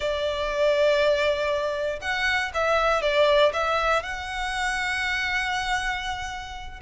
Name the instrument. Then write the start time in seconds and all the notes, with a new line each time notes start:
violin
0.00 D5
2.01 F#5
2.53 E5
3.02 D5
3.53 E5
4.02 F#5